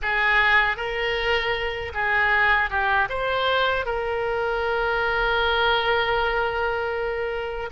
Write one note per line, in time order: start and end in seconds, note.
0.02 0.77 G#4
0.77 1.92 A#4
1.94 2.70 G#4
2.70 3.08 G4
3.09 3.85 C5
3.85 7.70 A#4